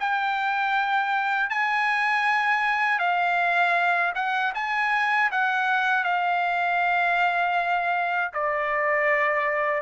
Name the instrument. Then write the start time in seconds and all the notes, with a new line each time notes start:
trumpet
0.00 G5
1.50 G#5
2.99 F5
4.15 F#5
4.55 G#5
5.31 F#5
6.04 F5
8.33 D5